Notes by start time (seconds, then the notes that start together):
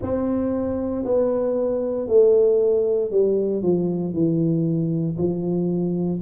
0.01 C4
1.04 B3
2.07 A3
3.10 G3
3.62 F3
4.13 E3
5.17 F3